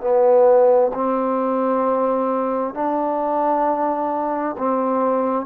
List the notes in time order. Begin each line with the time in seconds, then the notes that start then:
0.00 B3
0.93 C4
2.74 D4
4.57 C4